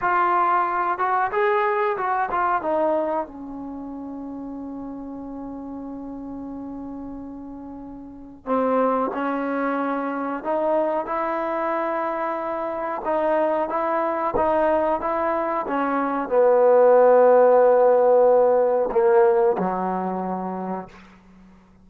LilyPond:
\new Staff \with { instrumentName = "trombone" } { \time 4/4 \tempo 4 = 92 f'4. fis'8 gis'4 fis'8 f'8 | dis'4 cis'2.~ | cis'1~ | cis'4 c'4 cis'2 |
dis'4 e'2. | dis'4 e'4 dis'4 e'4 | cis'4 b2.~ | b4 ais4 fis2 | }